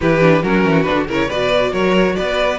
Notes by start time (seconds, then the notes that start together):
0.00 E3 E4 G4 B4
0.20 D4
0.42 F#3 C#4 F#4 A#4
0.64 E3
0.82 D4 B4
0.90 D3
1.07 C#3 E4 A#4 C#5
1.28 B2 F#4 B4 D5
1.71 F#3 A#4 C#5
2.15 B3 B4 D5